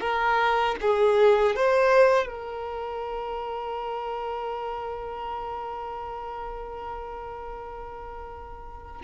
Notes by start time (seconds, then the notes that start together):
0.00 A#4
0.81 G#4
1.55 C5
2.26 A#4